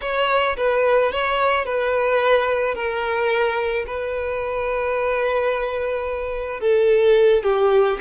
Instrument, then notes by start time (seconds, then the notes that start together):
violin
0.01 C#5
0.57 B4
1.12 C#5
1.65 B4
2.74 A#4
3.86 B4
6.60 A4
7.43 G4